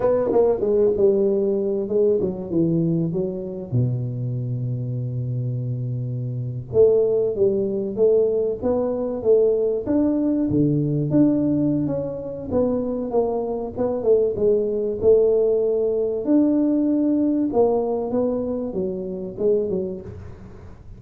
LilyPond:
\new Staff \with { instrumentName = "tuba" } { \time 4/4 \tempo 4 = 96 b8 ais8 gis8 g4. gis8 fis8 | e4 fis4 b,2~ | b,2~ b,8. a4 g16~ | g8. a4 b4 a4 d'16~ |
d'8. d4 d'4~ d'16 cis'4 | b4 ais4 b8 a8 gis4 | a2 d'2 | ais4 b4 fis4 gis8 fis8 | }